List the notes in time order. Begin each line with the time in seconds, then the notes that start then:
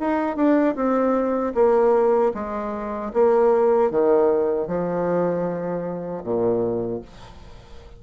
0.00 D#4
0.36 D4
0.75 C4
1.54 A#3
2.34 G#3
3.13 A#3
3.91 D#3
4.67 F3
6.23 A#2